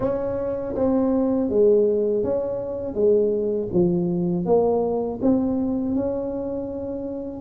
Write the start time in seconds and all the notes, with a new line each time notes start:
0.00 C#4
0.75 C4
1.49 G#3
2.23 C#4
2.94 G#3
3.72 F3
4.45 A#3
5.22 C4
5.95 C#4